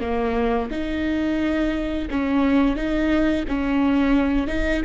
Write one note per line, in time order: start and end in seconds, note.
0.00 0.69 A#3
0.71 2.08 D#4
2.10 2.76 C#4
2.76 3.45 D#4
3.48 4.47 C#4
4.47 4.82 D#4